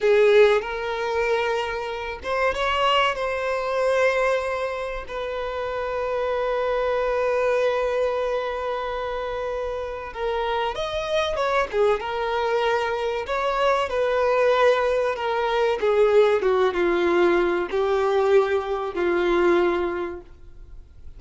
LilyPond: \new Staff \with { instrumentName = "violin" } { \time 4/4 \tempo 4 = 95 gis'4 ais'2~ ais'8 c''8 | cis''4 c''2. | b'1~ | b'1 |
ais'4 dis''4 cis''8 gis'8 ais'4~ | ais'4 cis''4 b'2 | ais'4 gis'4 fis'8 f'4. | g'2 f'2 | }